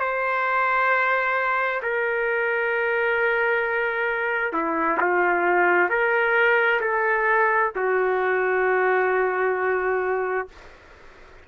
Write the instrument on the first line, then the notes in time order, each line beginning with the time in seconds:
trumpet
0.00 C5
1.82 A#4
4.52 E4
5.00 F4
5.89 A#4
6.81 A4
7.75 F#4